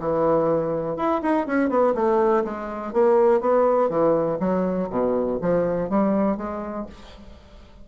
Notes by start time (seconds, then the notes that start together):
0.00 E3
0.97 E4
1.22 D#4
1.46 C#4
1.69 B3
1.94 A3
2.44 G#3
2.93 A#3
3.40 B3
3.89 E3
4.40 F#3
4.90 B2
5.41 F3
5.89 G3
6.37 G#3